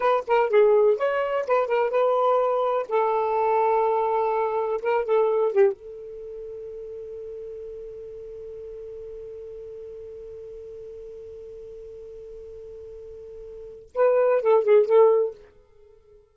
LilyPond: \new Staff \with { instrumentName = "saxophone" } { \time 4/4 \tempo 4 = 125 b'8 ais'8 gis'4 cis''4 b'8 ais'8 | b'2 a'2~ | a'2 ais'8 a'4 g'8 | a'1~ |
a'1~ | a'1~ | a'1~ | a'4 b'4 a'8 gis'8 a'4 | }